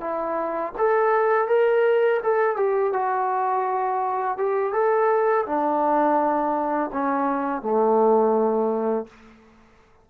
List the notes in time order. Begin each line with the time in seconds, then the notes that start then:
0.00 E4
0.78 A4
1.48 A#4
2.23 A4
2.56 G4
2.92 F#4
4.37 G4
4.73 A4
5.45 D4
6.92 C#4
7.61 A3